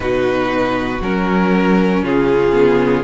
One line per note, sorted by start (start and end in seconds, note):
0.00 1.01 B2
0.00 0.99 D#4
0.00 2.03 F#4
0.00 1.00 B4
1.01 2.02 F#3
1.01 2.52 C#4
1.01 2.04 A#4
2.02 3.04 C#3
2.02 3.04 F4
2.02 3.04 G#4
2.52 3.03 B3